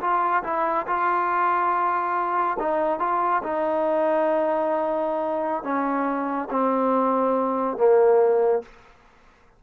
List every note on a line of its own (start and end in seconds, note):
0.00 0.43 F4
0.43 0.86 E4
0.87 2.57 F4
2.59 2.99 D#4
2.99 3.42 F4
3.43 5.63 D#4
5.63 6.48 C#4
6.50 7.77 C4
7.77 8.62 A#3